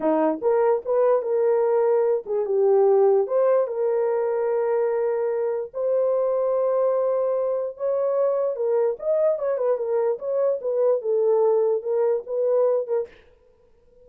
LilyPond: \new Staff \with { instrumentName = "horn" } { \time 4/4 \tempo 4 = 147 dis'4 ais'4 b'4 ais'4~ | ais'4. gis'8 g'2 | c''4 ais'2.~ | ais'2 c''2~ |
c''2. cis''4~ | cis''4 ais'4 dis''4 cis''8 b'8 | ais'4 cis''4 b'4 a'4~ | a'4 ais'4 b'4. ais'8 | }